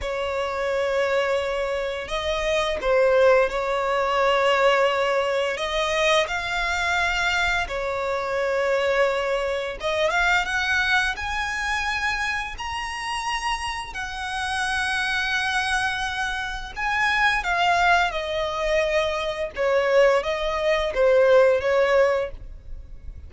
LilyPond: \new Staff \with { instrumentName = "violin" } { \time 4/4 \tempo 4 = 86 cis''2. dis''4 | c''4 cis''2. | dis''4 f''2 cis''4~ | cis''2 dis''8 f''8 fis''4 |
gis''2 ais''2 | fis''1 | gis''4 f''4 dis''2 | cis''4 dis''4 c''4 cis''4 | }